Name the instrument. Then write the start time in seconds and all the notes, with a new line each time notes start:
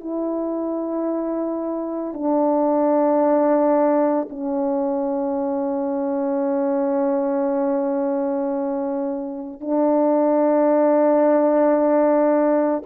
horn
0.00 E4
2.14 D4
4.30 C#4
9.61 D4